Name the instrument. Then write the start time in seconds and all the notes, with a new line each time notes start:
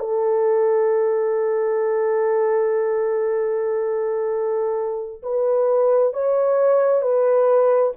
horn
0.00 A4
5.23 B4
6.14 C#5
7.02 B4